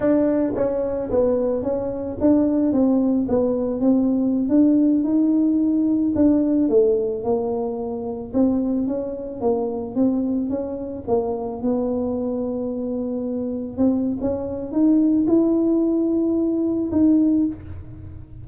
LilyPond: \new Staff \with { instrumentName = "tuba" } { \time 4/4 \tempo 4 = 110 d'4 cis'4 b4 cis'4 | d'4 c'4 b4 c'4~ | c'16 d'4 dis'2 d'8.~ | d'16 a4 ais2 c'8.~ |
c'16 cis'4 ais4 c'4 cis'8.~ | cis'16 ais4 b2~ b8.~ | b4~ b16 c'8. cis'4 dis'4 | e'2. dis'4 | }